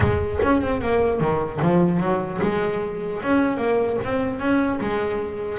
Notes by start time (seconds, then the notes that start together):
0.00 G#3
0.42 C#4
0.61 C4
0.81 A#3
1.20 D#3
1.61 F3
2.00 F#3
2.42 G#3
3.23 C#4
3.57 A#3
4.04 C4
4.39 C#4
4.80 G#3